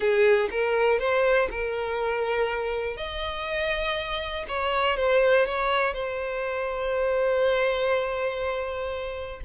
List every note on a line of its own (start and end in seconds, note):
0.00 0.49 G#4
0.50 0.99 A#4
0.99 1.48 C5
1.50 2.97 A#4
2.97 4.45 D#5
4.48 4.96 C#5
4.96 5.45 C5
5.45 5.93 C#5
5.93 9.40 C5